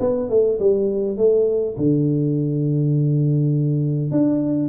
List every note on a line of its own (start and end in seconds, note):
0.00 0.29 B3
0.29 0.59 A3
0.59 1.17 G3
1.17 1.76 A3
1.77 4.11 D3
4.11 4.69 D4